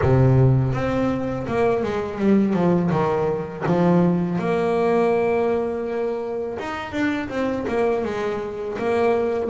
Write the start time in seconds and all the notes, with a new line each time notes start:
0.01 C3
0.73 C4
1.47 A#3
1.83 G#3
2.18 G3
2.53 F3
2.90 D#3
3.66 F3
4.38 A#3
6.59 D#4
6.91 D4
7.28 C4
7.68 A#3
8.04 G#3
8.78 A#3